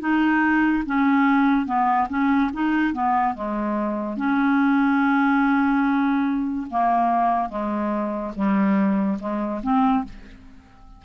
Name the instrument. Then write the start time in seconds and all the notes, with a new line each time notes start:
clarinet
0.00 D#4
0.86 C#4
1.66 B3
2.09 C#4
2.53 D#4
2.93 B3
3.34 G#3
4.17 C#4
6.70 A#3
7.49 G#3
8.35 G3
9.19 G#3
9.62 C4